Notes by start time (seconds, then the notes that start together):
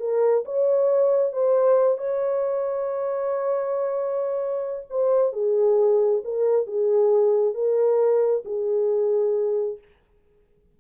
0.00 A#4
0.45 C#5
1.33 C5
1.98 C#5
4.90 C5
5.33 G#4
6.25 A#4
6.67 G#4
7.55 A#4
8.45 G#4